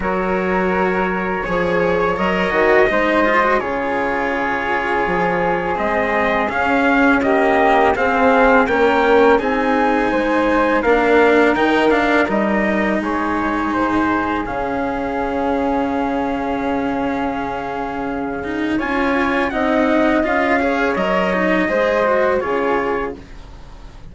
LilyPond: <<
  \new Staff \with { instrumentName = "trumpet" } { \time 4/4 \tempo 4 = 83 cis''2. dis''4~ | dis''4 cis''2. | dis''4 f''4 dis''4 f''4 | g''4 gis''2 f''4 |
g''8 f''8 dis''4 cis''4 c''4 | f''1~ | f''2 gis''4 fis''4 | f''4 dis''2 cis''4 | }
  \new Staff \with { instrumentName = "flute" } { \time 4/4 ais'2 cis''2 | c''4 gis'2.~ | gis'2 g'4 gis'4 | ais'4 gis'4 c''4 ais'4~ |
ais'2 gis'2~ | gis'1~ | gis'2 cis''4 dis''4~ | dis''8 cis''4. c''4 gis'4 | }
  \new Staff \with { instrumentName = "cello" } { \time 4/4 fis'2 gis'4 ais'8 fis'8 | dis'8 f'16 fis'16 f'2. | c'4 cis'4 ais4 c'4 | cis'4 dis'2 d'4 |
dis'8 d'8 dis'2. | cis'1~ | cis'4. dis'8 f'4 dis'4 | f'8 gis'8 ais'8 dis'8 gis'8 fis'8 f'4 | }
  \new Staff \with { instrumentName = "bassoon" } { \time 4/4 fis2 f4 fis8 dis8 | gis4 cis2 f4 | gis4 cis'2 c'4 | ais4 c'4 gis4 ais4 |
dis4 g4 gis4 gis,4 | cis1~ | cis2 cis'4 c'4 | cis'4 fis4 gis4 cis4 | }
>>